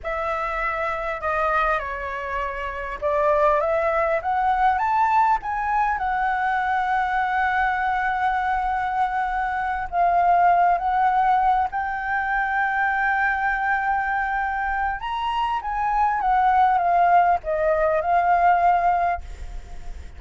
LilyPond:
\new Staff \with { instrumentName = "flute" } { \time 4/4 \tempo 4 = 100 e''2 dis''4 cis''4~ | cis''4 d''4 e''4 fis''4 | a''4 gis''4 fis''2~ | fis''1~ |
fis''8 f''4. fis''4. g''8~ | g''1~ | g''4 ais''4 gis''4 fis''4 | f''4 dis''4 f''2 | }